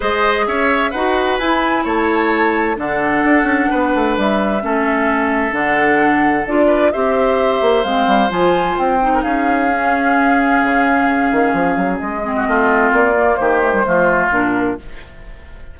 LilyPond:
<<
  \new Staff \with { instrumentName = "flute" } { \time 4/4 \tempo 4 = 130 dis''4 e''4 fis''4 gis''4 | a''2 fis''2~ | fis''4 e''2. | fis''2 d''4 e''4~ |
e''4 f''4 gis''4 g''4 | f''1~ | f''2 dis''2 | d''4 c''2 ais'4 | }
  \new Staff \with { instrumentName = "oboe" } { \time 4/4 c''4 cis''4 b'2 | cis''2 a'2 | b'2 a'2~ | a'2~ a'8 b'8 c''4~ |
c''2.~ c''8. ais'16 | gis'1~ | gis'2~ gis'8. fis'16 f'4~ | f'4 g'4 f'2 | }
  \new Staff \with { instrumentName = "clarinet" } { \time 4/4 gis'2 fis'4 e'4~ | e'2 d'2~ | d'2 cis'2 | d'2 f'4 g'4~ |
g'4 c'4 f'4. dis'8~ | dis'4 cis'2.~ | cis'2~ cis'8 c'4.~ | c'8 ais4 a16 g16 a4 d'4 | }
  \new Staff \with { instrumentName = "bassoon" } { \time 4/4 gis4 cis'4 dis'4 e'4 | a2 d4 d'8 cis'8 | b8 a8 g4 a2 | d2 d'4 c'4~ |
c'8 ais8 gis8 g8 f4 c'4 | cis'2. cis4~ | cis8 dis8 f8 fis8 gis4 a4 | ais4 dis4 f4 ais,4 | }
>>